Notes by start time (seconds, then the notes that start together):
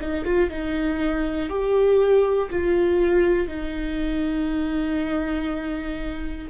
0.00 D#4
0.25 F4
0.50 D#4
1.49 G4
2.50 F4
3.47 D#4